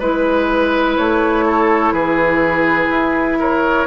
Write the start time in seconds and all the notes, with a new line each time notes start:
0.00 G#3 E4 B4
0.98 A3 C#5
1.47 A4
1.93 E3 G#4 B4
2.90 E4
3.40 A#4 C#5